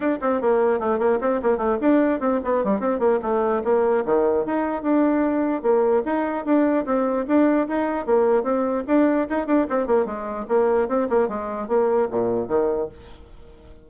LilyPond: \new Staff \with { instrumentName = "bassoon" } { \time 4/4 \tempo 4 = 149 d'8 c'8 ais4 a8 ais8 c'8 ais8 | a8 d'4 c'8 b8 g8 c'8 ais8 | a4 ais4 dis4 dis'4 | d'2 ais4 dis'4 |
d'4 c'4 d'4 dis'4 | ais4 c'4 d'4 dis'8 d'8 | c'8 ais8 gis4 ais4 c'8 ais8 | gis4 ais4 ais,4 dis4 | }